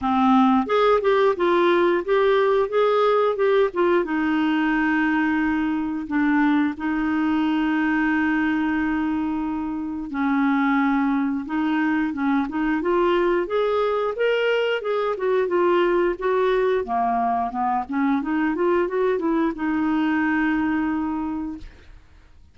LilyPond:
\new Staff \with { instrumentName = "clarinet" } { \time 4/4 \tempo 4 = 89 c'4 gis'8 g'8 f'4 g'4 | gis'4 g'8 f'8 dis'2~ | dis'4 d'4 dis'2~ | dis'2. cis'4~ |
cis'4 dis'4 cis'8 dis'8 f'4 | gis'4 ais'4 gis'8 fis'8 f'4 | fis'4 ais4 b8 cis'8 dis'8 f'8 | fis'8 e'8 dis'2. | }